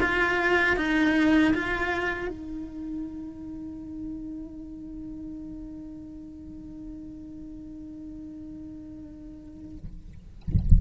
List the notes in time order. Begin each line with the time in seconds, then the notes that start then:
0.00 F4
0.76 D#4
1.53 F4
2.28 D#4